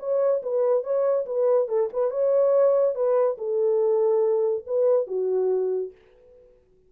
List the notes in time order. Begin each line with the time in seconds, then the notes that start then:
0.00 C#5
0.43 B4
0.84 C#5
1.26 B4
1.69 A4
1.93 B4
2.11 C#5
2.95 B4
3.38 A4
4.67 B4
5.07 F#4